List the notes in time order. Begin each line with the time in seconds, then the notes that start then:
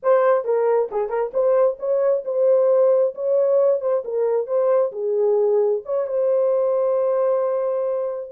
0.02 C5
0.44 A#4
0.91 G#4
1.09 A#4
1.33 C5
1.79 C#5
2.24 C5
3.14 C#5
3.80 C5
4.04 A#4
4.46 C5
4.92 G#4
5.85 C#5
6.07 C5